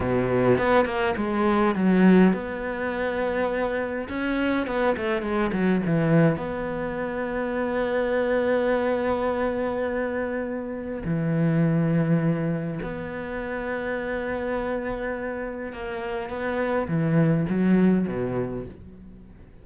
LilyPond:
\new Staff \with { instrumentName = "cello" } { \time 4/4 \tempo 4 = 103 b,4 b8 ais8 gis4 fis4 | b2. cis'4 | b8 a8 gis8 fis8 e4 b4~ | b1~ |
b2. e4~ | e2 b2~ | b2. ais4 | b4 e4 fis4 b,4 | }